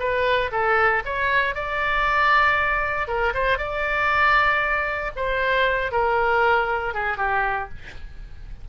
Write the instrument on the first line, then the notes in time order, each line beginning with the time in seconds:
oboe
0.00 B4
0.52 A4
1.05 C#5
1.55 D5
3.08 A#4
3.34 C5
3.58 D5
5.16 C5
5.92 A#4
6.94 G#4
7.18 G4